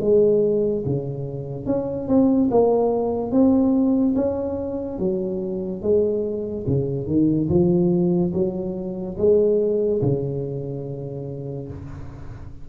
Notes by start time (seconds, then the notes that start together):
0.00 G#3
0.85 C#3
1.66 C#4
2.08 C4
2.50 A#3
3.31 C4
4.15 C#4
4.98 F#3
5.81 G#3
6.66 C#3
7.06 D#3
7.49 F3
8.33 F#3
9.17 G#3
10.02 C#3